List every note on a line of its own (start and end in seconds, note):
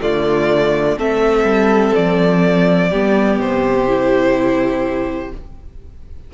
0.00 0.98 D3
0.00 0.97 A3
0.00 0.97 F4
0.00 0.98 D5
0.97 1.44 A3
0.97 2.91 C4
0.97 2.89 A4
0.97 1.95 E5
1.44 1.92 G3
1.95 2.91 F3
1.95 3.40 D5
2.89 3.38 G3
2.89 3.87 B3
2.89 5.31 G4
3.38 5.31 C3
3.38 5.33 C5
3.87 5.33 E4